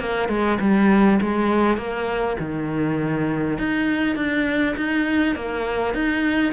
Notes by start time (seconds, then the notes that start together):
0.00 A#3
0.29 G#3
0.61 G3
1.22 G#3
1.78 A#3
2.40 D#3
3.59 D#4
4.16 D4
4.77 D#4
5.36 A#3
5.95 D#4